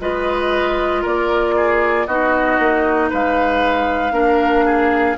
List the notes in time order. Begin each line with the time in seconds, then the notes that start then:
0.00 G#3 F4 B4 D#5
1.02 A#3 A#4 D5
1.56 G#4
2.06 B3 D#4 F#4 D#5
2.58 A#3
3.09 G#3 B4 F5
4.11 A#3 D4 A#4
4.65 G#4